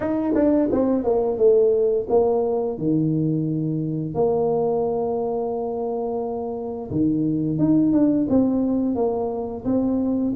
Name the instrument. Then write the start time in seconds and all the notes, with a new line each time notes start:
tuba
0.00 D#4
0.34 D4
0.71 C4
1.03 A#3
1.37 A3
2.09 A#3
2.77 D#3
4.14 A#3
6.90 D#3
7.58 D#4
7.92 D4
8.29 C4
8.95 A#3
9.64 C4